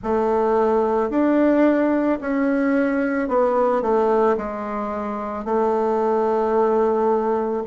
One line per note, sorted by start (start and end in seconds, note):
0.03 1.10 A3
1.10 2.19 D4
2.21 3.28 C#4
3.28 3.82 B3
3.82 4.36 A3
4.37 5.44 G#3
5.44 7.63 A3